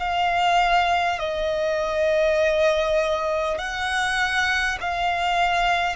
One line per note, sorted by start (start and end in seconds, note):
0.00 1.19 F5
1.19 3.58 D#5
3.58 4.78 F#5
4.81 5.96 F5